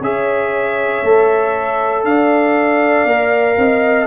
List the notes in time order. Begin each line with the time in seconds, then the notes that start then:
0.00 C#4 G#4 C#5 E5
1.02 A3 A4
2.04 D4 D5 F5
3.05 A#3 A#4
3.57 C4 D#5